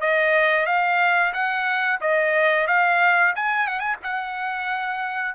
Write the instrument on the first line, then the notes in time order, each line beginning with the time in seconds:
trumpet
0.00 D#5
0.66 F5
1.33 F#5
2.01 D#5
2.67 F5
3.35 G#5
3.67 F#5
3.79 G#5
4.03 F#5